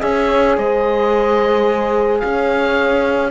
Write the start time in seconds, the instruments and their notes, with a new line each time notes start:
0.00 cello C#4, trombone G#4, horn C#5, oboe E5
0.57 cello G#3, horn C5, oboe D#5
2.19 cello C#4, horn C#5, oboe F5